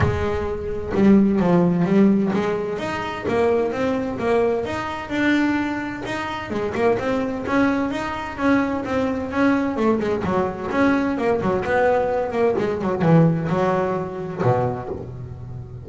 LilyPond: \new Staff \with { instrumentName = "double bass" } { \time 4/4 \tempo 4 = 129 gis2 g4 f4 | g4 gis4 dis'4 ais4 | c'4 ais4 dis'4 d'4~ | d'4 dis'4 gis8 ais8 c'4 |
cis'4 dis'4 cis'4 c'4 | cis'4 a8 gis8 fis4 cis'4 | ais8 fis8 b4. ais8 gis8 fis8 | e4 fis2 b,4 | }